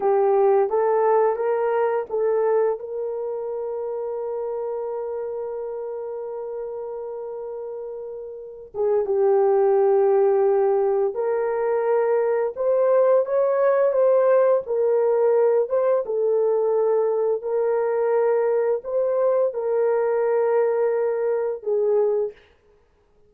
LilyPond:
\new Staff \with { instrumentName = "horn" } { \time 4/4 \tempo 4 = 86 g'4 a'4 ais'4 a'4 | ais'1~ | ais'1~ | ais'8 gis'8 g'2. |
ais'2 c''4 cis''4 | c''4 ais'4. c''8 a'4~ | a'4 ais'2 c''4 | ais'2. gis'4 | }